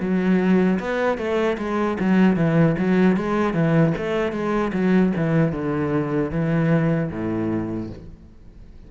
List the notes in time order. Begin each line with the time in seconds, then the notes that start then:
0.00 F#3
0.79 B3
1.17 A3
1.58 G#3
2.00 F#3
2.36 E3
2.78 F#3
3.16 G#3
3.53 E3
3.97 A3
4.32 G#3
4.73 F#3
5.16 E3
5.52 D3
6.31 E3
7.11 A2